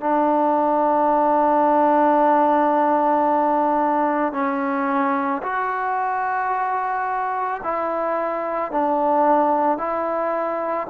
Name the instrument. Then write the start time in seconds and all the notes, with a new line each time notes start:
trombone
0.00 D4
4.32 C#4
5.42 F#4
7.63 E4
8.71 D4
9.77 E4